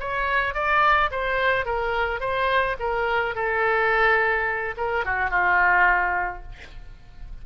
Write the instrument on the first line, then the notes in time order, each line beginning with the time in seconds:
oboe
0.00 C#5
0.55 D5
1.11 C5
1.66 A#4
2.20 C5
2.80 A#4
3.35 A4
4.77 A#4
5.05 F#4
5.31 F4